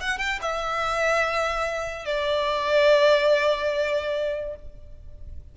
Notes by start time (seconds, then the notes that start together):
0.00 F#5
0.19 G5
0.42 E5
2.05 D5